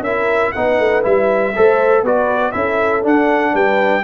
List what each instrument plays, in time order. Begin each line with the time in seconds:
0.00 tuba C#4, trombone E4, horn A#4, trumpet E5
0.52 tuba B3, trombone D#4, horn B4, trumpet F#5
0.79 tuba A3
1.03 tuba G3, trombone E4, trumpet E5
1.55 tuba A3, trombone A4, horn C5
2.03 tuba B3, trombone F#4, horn B4, trumpet D5
2.52 tuba C#4, trombone E4, horn A4, trumpet E5
3.02 trombone D4, tuba D4, trumpet F#5
3.53 tuba G3, horn B4, trumpet G5